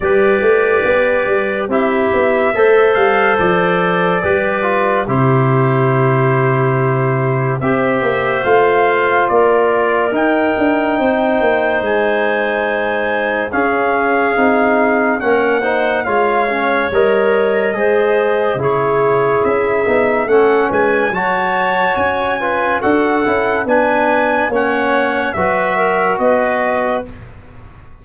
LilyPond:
<<
  \new Staff \with { instrumentName = "trumpet" } { \time 4/4 \tempo 4 = 71 d''2 e''4. f''8 | d''2 c''2~ | c''4 e''4 f''4 d''4 | g''2 gis''2 |
f''2 fis''4 f''4 | dis''2 cis''4 e''4 | fis''8 gis''8 a''4 gis''4 fis''4 | gis''4 fis''4 e''4 dis''4 | }
  \new Staff \with { instrumentName = "clarinet" } { \time 4/4 b'2 g'4 c''4~ | c''4 b'4 g'2~ | g'4 c''2 ais'4~ | ais'4 c''2. |
gis'2 ais'8 c''8 cis''4~ | cis''4 c''4 gis'2 | a'8 b'8 cis''4. b'8 a'4 | b'4 cis''4 b'8 ais'8 b'4 | }
  \new Staff \with { instrumentName = "trombone" } { \time 4/4 g'2 e'4 a'4~ | a'4 g'8 f'8 e'2~ | e'4 g'4 f'2 | dis'1 |
cis'4 dis'4 cis'8 dis'8 f'8 cis'8 | ais'4 gis'4 e'4. dis'8 | cis'4 fis'4. f'8 fis'8 e'8 | d'4 cis'4 fis'2 | }
  \new Staff \with { instrumentName = "tuba" } { \time 4/4 g8 a8 b8 g8 c'8 b8 a8 g8 | f4 g4 c2~ | c4 c'8 ais8 a4 ais4 | dis'8 d'8 c'8 ais8 gis2 |
cis'4 c'4 ais4 gis4 | g4 gis4 cis4 cis'8 b8 | a8 gis8 fis4 cis'4 d'8 cis'8 | b4 ais4 fis4 b4 | }
>>